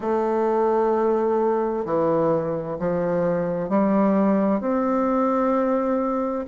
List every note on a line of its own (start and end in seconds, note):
0.00 1.85 A3
1.85 2.77 E3
2.79 3.69 F3
3.69 4.60 G3
4.60 6.45 C4